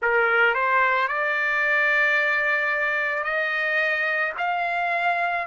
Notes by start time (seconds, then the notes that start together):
0.01 A#4
0.54 C5
1.08 D5
3.23 D#5
4.37 F5